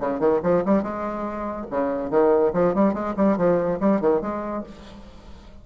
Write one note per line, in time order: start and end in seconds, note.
0.00 0.19 C#3
0.19 0.40 D#3
0.43 0.64 F3
0.65 0.82 G3
0.82 1.66 G#3
1.70 2.10 C#3
2.10 2.52 D#3
2.53 2.74 F3
2.74 2.93 G3
2.93 3.14 G#3
3.16 3.37 G3
3.37 3.79 F3
3.80 4.01 G3
4.01 4.21 D#3
4.21 4.63 G#3